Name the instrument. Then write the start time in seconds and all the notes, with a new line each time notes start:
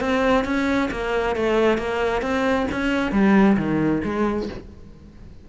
cello
0.00 C4
0.44 C#4
0.91 A#3
1.36 A3
1.78 A#3
2.22 C4
2.71 C#4
3.12 G3
3.57 D#3
4.04 G#3